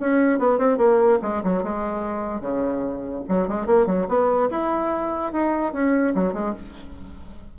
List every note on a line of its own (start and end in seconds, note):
0.00 0.39 C#4
0.39 0.58 B3
0.58 0.78 C4
0.78 1.19 A#3
1.22 1.42 G#3
1.43 1.63 F#3
1.63 2.41 G#3
2.41 3.23 C#3
3.28 3.48 F#3
3.48 3.66 G#3
3.66 3.86 A#3
3.86 4.07 F#3
4.08 4.49 B3
4.50 5.32 E4
5.32 5.73 D#4
5.73 6.14 C#4
6.15 6.33 F#3
6.33 6.54 G#3